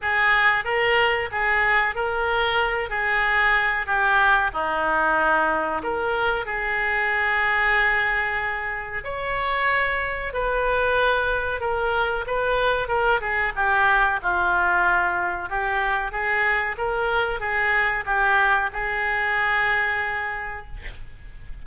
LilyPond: \new Staff \with { instrumentName = "oboe" } { \time 4/4 \tempo 4 = 93 gis'4 ais'4 gis'4 ais'4~ | ais'8 gis'4. g'4 dis'4~ | dis'4 ais'4 gis'2~ | gis'2 cis''2 |
b'2 ais'4 b'4 | ais'8 gis'8 g'4 f'2 | g'4 gis'4 ais'4 gis'4 | g'4 gis'2. | }